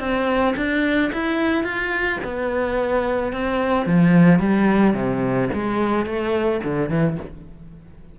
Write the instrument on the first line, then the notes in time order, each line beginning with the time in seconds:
cello
0.00 C4
0.57 D4
1.14 E4
1.64 F4
2.24 B3
3.33 C4
3.87 F3
4.40 G3
4.94 C3
5.54 G#3
6.06 A3
6.65 D3
6.90 E3